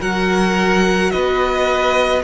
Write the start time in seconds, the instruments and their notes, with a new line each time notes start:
0.00 cello F#3, viola F#4, violin A#4 F#5
1.11 cello B3, violin B4 D#5